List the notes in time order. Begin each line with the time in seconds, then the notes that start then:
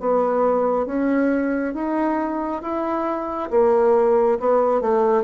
0.00 B3
0.86 C#4
1.74 D#4
2.62 E4
3.51 A#3
4.40 B3
4.81 A3